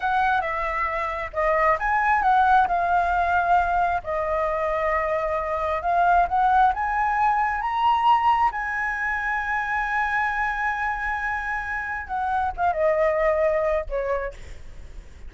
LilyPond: \new Staff \with { instrumentName = "flute" } { \time 4/4 \tempo 4 = 134 fis''4 e''2 dis''4 | gis''4 fis''4 f''2~ | f''4 dis''2.~ | dis''4 f''4 fis''4 gis''4~ |
gis''4 ais''2 gis''4~ | gis''1~ | gis''2. fis''4 | f''8 dis''2~ dis''8 cis''4 | }